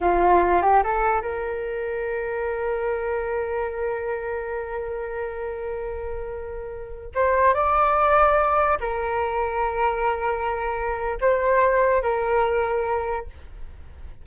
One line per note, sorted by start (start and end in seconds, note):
0.00 0.62 F4
0.62 0.82 G4
0.83 1.21 A4
1.21 7.11 A#4
7.14 7.54 C5
7.54 8.78 D5
8.80 11.18 A#4
11.20 12.02 C5
12.02 13.26 A#4